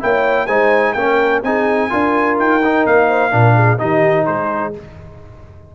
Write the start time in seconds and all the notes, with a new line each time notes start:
0.00 A#3 E4 C#5 G5
0.47 G#3 D#4 C5 G#5
0.93 A#3 C#4 G5
1.00 A#4
1.43 C4 D#4 G#4 G#5
1.90 D4 F4 A#4
2.39 D#4 G5
2.65 D#4
2.86 A#3 F5
3.08 C5
3.31 A#2 D4 A#4
3.56 G#4
3.79 D#3 D#4 G4 D#5
4.26 G#3 G#4 C5